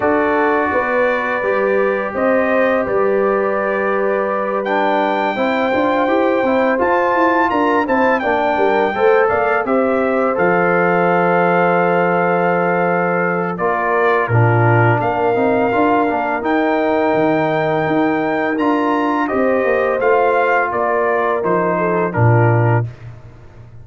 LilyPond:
<<
  \new Staff \with { instrumentName = "trumpet" } { \time 4/4 \tempo 4 = 84 d''2. dis''4 | d''2~ d''8 g''4.~ | g''4. a''4 ais''8 a''8 g''8~ | g''4 f''8 e''4 f''4.~ |
f''2. d''4 | ais'4 f''2 g''4~ | g''2 ais''4 dis''4 | f''4 d''4 c''4 ais'4 | }
  \new Staff \with { instrumentName = "horn" } { \time 4/4 a'4 b'2 c''4 | b'2.~ b'8 c''8~ | c''2~ c''8 ais'8 c''8 d''8 | ais'8 c''8 d''8 c''2~ c''8~ |
c''2. ais'4 | f'4 ais'2.~ | ais'2. c''4~ | c''4 ais'4. a'8 f'4 | }
  \new Staff \with { instrumentName = "trombone" } { \time 4/4 fis'2 g'2~ | g'2~ g'8 d'4 e'8 | f'8 g'8 e'8 f'4. e'8 d'8~ | d'8 a'4 g'4 a'4.~ |
a'2. f'4 | d'4. dis'8 f'8 d'8 dis'4~ | dis'2 f'4 g'4 | f'2 dis'4 d'4 | }
  \new Staff \with { instrumentName = "tuba" } { \time 4/4 d'4 b4 g4 c'4 | g2.~ g8 c'8 | d'8 e'8 c'8 f'8 e'8 d'8 c'8 ais8 | g8 a8 ais8 c'4 f4.~ |
f2. ais4 | ais,4 ais8 c'8 d'8 ais8 dis'4 | dis4 dis'4 d'4 c'8 ais8 | a4 ais4 f4 ais,4 | }
>>